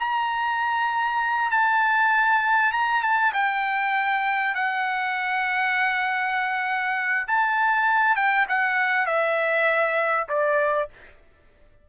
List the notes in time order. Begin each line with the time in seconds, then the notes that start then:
0.00 A#5
1.52 A5
2.73 A#5
3.03 A5
3.34 G5
4.55 F#5
7.28 A5
8.16 G5
8.49 F#5
9.07 E5
10.29 D5